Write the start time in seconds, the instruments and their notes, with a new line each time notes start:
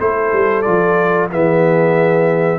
0.00 tuba A3, trombone E4, horn A4, trumpet C5
0.33 tuba G3
0.62 tuba F3, trombone F4, trumpet D5
1.30 tuba E3, trombone B3, horn G#4, trumpet E5